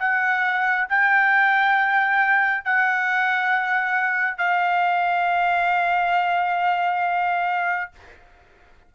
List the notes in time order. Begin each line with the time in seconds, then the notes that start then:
0.00 F#5
0.89 G5
2.65 F#5
4.38 F5